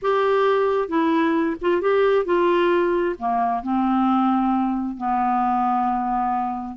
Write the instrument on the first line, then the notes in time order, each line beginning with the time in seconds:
clarinet
0.01 G4
0.88 E4
1.61 F4
1.81 G4
2.25 F4
3.18 A#3
3.63 C4
4.97 B3